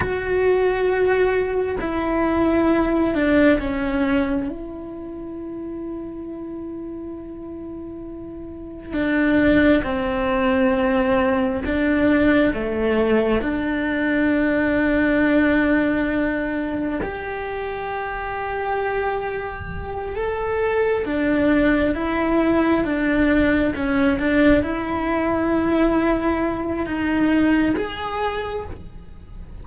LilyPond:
\new Staff \with { instrumentName = "cello" } { \time 4/4 \tempo 4 = 67 fis'2 e'4. d'8 | cis'4 e'2.~ | e'2 d'4 c'4~ | c'4 d'4 a4 d'4~ |
d'2. g'4~ | g'2~ g'8 a'4 d'8~ | d'8 e'4 d'4 cis'8 d'8 e'8~ | e'2 dis'4 gis'4 | }